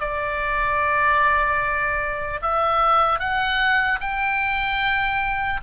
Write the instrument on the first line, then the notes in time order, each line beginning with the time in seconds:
oboe
0.00 D5
2.41 E5
3.19 F#5
4.00 G5